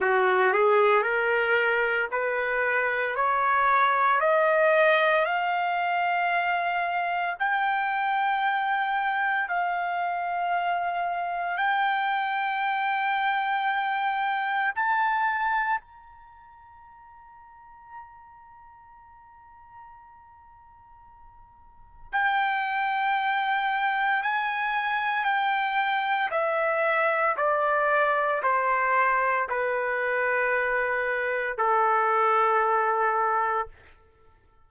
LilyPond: \new Staff \with { instrumentName = "trumpet" } { \time 4/4 \tempo 4 = 57 fis'8 gis'8 ais'4 b'4 cis''4 | dis''4 f''2 g''4~ | g''4 f''2 g''4~ | g''2 a''4 ais''4~ |
ais''1~ | ais''4 g''2 gis''4 | g''4 e''4 d''4 c''4 | b'2 a'2 | }